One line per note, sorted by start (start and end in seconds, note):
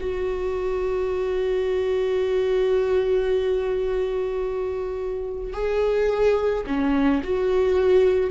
0.00 5.53 F#4
5.53 6.64 G#4
6.67 7.22 C#4
7.23 8.31 F#4